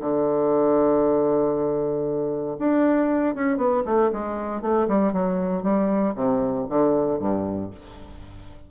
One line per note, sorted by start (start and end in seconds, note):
0.00 2.56 D3
2.59 3.34 D4
3.34 3.57 C#4
3.57 3.83 B3
3.85 4.11 A3
4.12 4.62 G#3
4.62 4.87 A3
4.88 5.13 G3
5.13 5.62 F#3
5.62 6.14 G3
6.15 6.66 C3
6.69 7.19 D3
7.19 7.70 G2